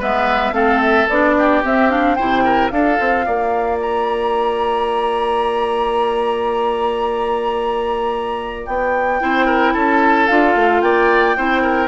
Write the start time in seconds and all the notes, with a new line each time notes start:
0.00 G#3 B3 B4 E5
0.52 A3 C4 A4 F5
0.82 E5
1.09 B3 D4 D5
1.39 G4
1.64 C4 E5
1.90 D4 F5
2.15 C3 E4 C5 G5
2.45 A#4
2.70 D4 F4 A4 F5
3.00 C4
3.26 A#3 D5
3.82 A#5
8.67 B3 G5
9.20 C4 E4 C5
9.46 A#4
9.74 C#4 A4 A5
10.28 D4 F4 F5
10.56 A3
10.82 A#3 D5 G5
11.37 C4 E4 C5
11.62 A#4